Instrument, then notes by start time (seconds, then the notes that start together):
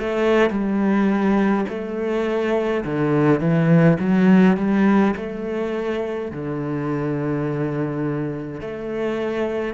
cello
0.00 A3
0.50 G3
1.69 A3
2.85 D3
3.40 E3
4.00 F#3
4.57 G3
5.17 A3
6.31 D3
8.61 A3